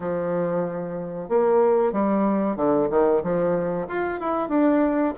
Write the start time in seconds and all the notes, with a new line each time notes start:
0.00 F3
1.28 A#3
1.92 G3
2.56 D3
2.90 D#3
3.23 F3
3.87 F4
4.20 E4
4.48 D4